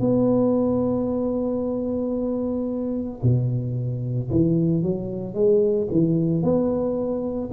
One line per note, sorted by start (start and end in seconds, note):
0.00 3.21 B3
3.22 4.30 B2
4.31 4.83 E3
4.83 5.34 F#3
5.34 5.88 G#3
5.91 6.43 E3
6.43 7.50 B3